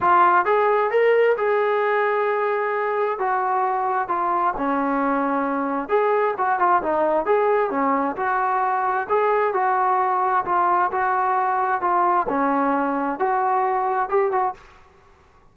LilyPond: \new Staff \with { instrumentName = "trombone" } { \time 4/4 \tempo 4 = 132 f'4 gis'4 ais'4 gis'4~ | gis'2. fis'4~ | fis'4 f'4 cis'2~ | cis'4 gis'4 fis'8 f'8 dis'4 |
gis'4 cis'4 fis'2 | gis'4 fis'2 f'4 | fis'2 f'4 cis'4~ | cis'4 fis'2 g'8 fis'8 | }